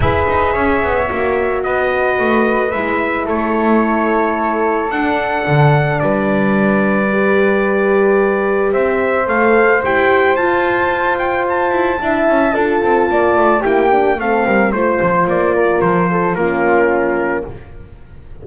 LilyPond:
<<
  \new Staff \with { instrumentName = "trumpet" } { \time 4/4 \tempo 4 = 110 e''2. dis''4~ | dis''4 e''4 cis''2~ | cis''4 fis''2 d''4~ | d''1 |
e''4 f''4 g''4 a''4~ | a''8 g''8 a''2.~ | a''4 g''4 f''4 c''4 | d''4 c''4 ais'2 | }
  \new Staff \with { instrumentName = "flute" } { \time 4/4 b'4 cis''2 b'4~ | b'2 a'2~ | a'2. b'4~ | b'1 |
c''1~ | c''2 e''4 a'4 | d''4 g'4 a'8 ais'8 c''4~ | c''8 ais'4 a'8 f'2 | }
  \new Staff \with { instrumentName = "horn" } { \time 4/4 gis'2 fis'2~ | fis'4 e'2.~ | e'4 d'2.~ | d'4 g'2.~ |
g'4 a'4 g'4 f'4~ | f'2 e'4 f'4~ | f'4 e'8 d'8 c'4 f'4~ | f'2 cis'2 | }
  \new Staff \with { instrumentName = "double bass" } { \time 4/4 e'8 dis'8 cis'8 b8 ais4 b4 | a4 gis4 a2~ | a4 d'4 d4 g4~ | g1 |
c'4 a4 e'4 f'4~ | f'4. e'8 d'8 cis'8 d'8 c'8 | ais8 a8 ais4 a8 g8 a8 f8 | ais4 f4 ais2 | }
>>